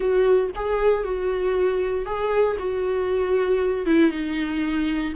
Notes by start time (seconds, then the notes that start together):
0.00 F#4
0.55 G#4
1.04 F#4
2.05 G#4
2.58 F#4
3.86 E4
4.10 D#4